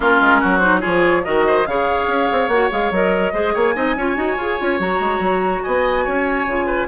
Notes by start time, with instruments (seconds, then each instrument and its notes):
0.00 bassoon A#3, clarinet C#4, oboe F4, flute A#4
0.20 bassoon G#3
0.40 bassoon F#3, oboe F#4
0.58 clarinet D#4, flute C5
0.80 bassoon F3, clarinet F4, oboe G#4, flute C#5
1.23 bassoon D#3, clarinet F#4, oboe A#4, flute D#5
1.46 oboe C5
1.66 bassoon C#3, clarinet G#4, oboe C#5, flute F5
2.07 bassoon C#4
2.31 bassoon C4
2.48 bassoon A#3, clarinet F#4, flute F#5
2.70 bassoon G#3, clarinet G#4, flute F5
2.90 bassoon F#3, clarinet A#4, flute D#5
3.33 bassoon G#3, clarinet G#4, oboe C5
3.53 bassoon A#3, oboe C#5, flute G#5
3.74 bassoon C4, clarinet D#4, oboe D#5
3.95 bassoon C#4, clarinet F4, oboe C#5
4.15 bassoon D#4, clarinet F#4
4.37 bassoon F4, clarinet G#4
4.58 bassoon C#4, clarinet F4
4.79 bassoon F#3, clarinet F#4, flute A#5
4.99 bassoon G#3
5.19 bassoon F#3
5.62 bassoon B3, oboe D#5, flute G#5
6.04 bassoon C#4, oboe C#5
6.46 bassoon C#3, clarinet F4
6.66 oboe B4